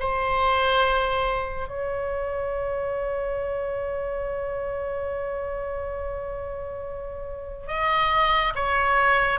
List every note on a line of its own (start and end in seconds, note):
0.00 1.68 C5
1.68 7.68 C#5
7.68 8.54 D#5
8.56 9.40 C#5